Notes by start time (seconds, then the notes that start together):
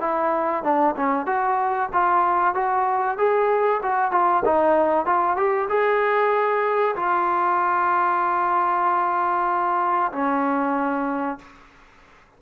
0.00 E4
0.63 D4
0.96 C#4
1.26 F#4
1.93 F4
2.55 F#4
3.18 G#4
3.82 F#4
4.11 F4
4.45 D#4
5.06 F4
5.37 G4
5.69 G#4
6.96 F4
10.12 C#4